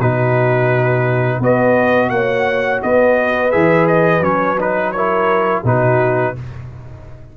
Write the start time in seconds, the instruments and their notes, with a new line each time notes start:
0.00 tuba B2, trombone D#4, horn F#4, trumpet B4
1.39 tuba B3, trombone F#4, horn B4, trumpet D#5
2.10 tuba A#3, horn C#5, trumpet F#5
2.83 tuba B3, horn B4, trumpet D#5
3.52 tuba E3, trombone G#4, trumpet E5
3.88 trumpet D#5
4.21 tuba F#3, trombone C#4, trumpet C#5
4.59 trombone D#4, trumpet B4
4.92 trombone E4, horn A#4, trumpet C#5
5.64 tuba B2, trombone D#4, horn F#4, trumpet B4